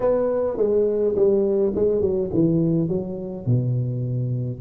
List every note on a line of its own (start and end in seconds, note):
0.00 0.57 B3
0.57 1.14 G#3
1.15 1.73 G3
1.75 2.01 G#3
2.01 2.30 F#3
2.33 2.88 E3
2.88 3.45 F#3
3.45 4.61 B2